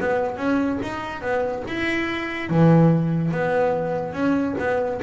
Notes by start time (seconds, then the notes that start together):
0.00 B3
0.37 C#4
0.82 D#4
1.21 B3
1.67 E4
2.49 E3
3.31 B3
4.13 C#4
4.59 B3